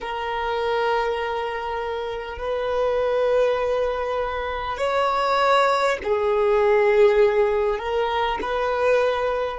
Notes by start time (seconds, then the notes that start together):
0.01 A#4
2.37 B4
4.77 C#5
6.03 G#4
7.78 A#4
8.41 B4